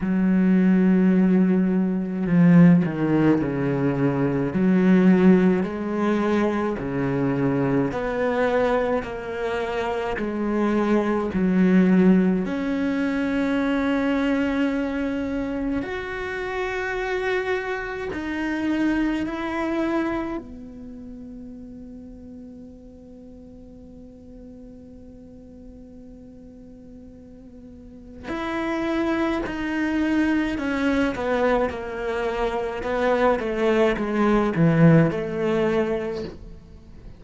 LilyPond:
\new Staff \with { instrumentName = "cello" } { \time 4/4 \tempo 4 = 53 fis2 f8 dis8 cis4 | fis4 gis4 cis4 b4 | ais4 gis4 fis4 cis'4~ | cis'2 fis'2 |
dis'4 e'4 b2~ | b1~ | b4 e'4 dis'4 cis'8 b8 | ais4 b8 a8 gis8 e8 a4 | }